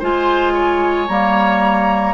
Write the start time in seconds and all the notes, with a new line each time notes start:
0.00 G#3 F4 C5 G#5
0.54 C#5
1.08 G3 A#3 A#5